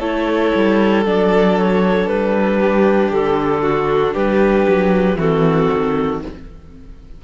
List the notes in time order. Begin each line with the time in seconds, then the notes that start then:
0.00 A3 E4 A4 C#5
0.55 G3
1.06 F#3 D4 D5
1.58 C#5
2.07 G3 B4
2.60 G4
3.11 D3 A4
3.62 F#4
4.14 G3 G4 B4
4.68 F#3
5.17 E3 C4 F#4 A4
5.73 D#3